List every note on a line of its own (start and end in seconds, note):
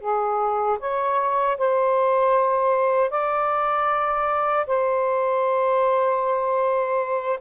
0.00 0.78 G#4
0.79 1.57 C#5
1.58 3.10 C5
3.10 4.66 D5
4.66 7.39 C5